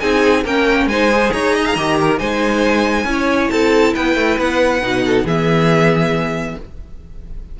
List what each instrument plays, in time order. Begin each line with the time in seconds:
0.00 cello C4, viola D#4, violin G#4 G#5
0.44 cello A#3, viola C#4, violin A#4 G5
0.86 cello G#3, viola D#4, violin C5 G#5
1.11 viola G#4
1.33 cello D#4, violin C#5 A#5
1.55 violin D#5
1.66 violin F5
1.76 cello D#3, viola G4, violin D#5
2.01 violin A#4
2.18 cello G#3, viola D#4, violin C5 G#5
3.05 cello C#4, viola E4
3.12 violin C#5
3.50 cello C4, violin A4 A5
3.94 cello B3, violin B4 G5
4.16 cello A3
4.39 cello B3, violin F#5
4.82 cello B2, viola D#4
5.06 violin A4
5.24 cello E3, viola B3, violin G#4 E5